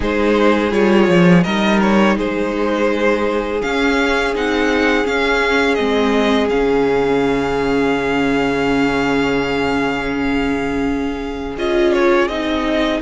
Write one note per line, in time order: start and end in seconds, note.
0.00 0.71 G#3
0.00 0.70 D#4
0.00 1.44 G#4
0.00 0.72 C5
0.70 1.08 G3
0.70 1.43 F4
0.70 1.43 C#5
1.08 1.44 F3
1.43 2.17 G3
1.43 3.61 D#4
1.43 2.16 A#4
1.43 1.79 D#5
1.81 2.17 C#5
2.16 3.62 G#3
2.16 13.01 G#4
2.16 3.61 C5
3.61 4.33 C#4
3.61 4.35 C#4
3.61 4.34 F5
4.34 5.05 C4
4.34 5.04 D#4
4.34 5.06 F#5
5.04 5.76 C#4
5.04 5.78 C#4
5.04 5.74 F5
5.74 6.50 G#3
5.74 6.51 C4
5.74 6.47 D#5
6.49 11.57 C#3
6.49 11.57 C#4
6.49 11.55 F5
11.57 12.28 C#4
11.57 12.29 F4
11.57 11.92 D#5
11.92 12.28 C#5
12.28 13.01 C4
12.28 13.01 D#4
12.28 13.00 D#5